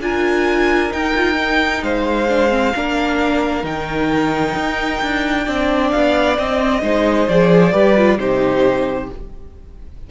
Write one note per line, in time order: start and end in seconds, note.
0.00 0.91 D4
0.00 0.90 F4
0.00 1.84 A#4
0.00 0.93 G#5
0.90 1.13 D#4
0.90 1.83 D#4
0.90 1.84 G5
1.15 1.35 F4
1.35 2.26 D#4
1.83 2.73 G#3
1.83 2.75 C5
1.83 3.65 F5
2.28 2.50 D4
2.50 2.72 C4
2.75 3.63 A#3
2.75 3.63 D4
2.75 5.45 A#4
3.63 4.54 D#3
3.63 5.45 D#4
3.63 5.91 G5
4.56 5.01 D#4
5.02 5.47 D4
5.45 5.93 C4
5.45 6.36 D4
5.45 6.81 D5
5.91 6.38 B3
5.91 6.36 F5
6.37 6.82 C4
6.37 7.29 D#5
6.82 7.28 G#3
6.82 7.27 D#4
6.82 7.73 C5
7.28 7.73 F3
7.28 7.73 G#4
7.28 8.19 D5
7.73 8.18 G3
7.73 7.95 G4
7.73 8.18 B4
7.97 8.19 F4
8.18 9.09 C3
8.18 9.10 D#4
8.18 9.11 G4
8.18 9.10 C5